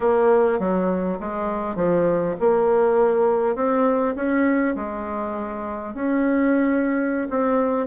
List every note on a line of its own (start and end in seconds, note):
0.00 0.59 A#3
0.59 1.18 F#3
1.20 1.75 G#3
1.75 2.35 F3
2.40 3.55 A#3
3.55 4.14 C4
4.15 4.75 C#4
4.75 5.94 G#3
5.94 7.27 C#4
7.30 7.86 C4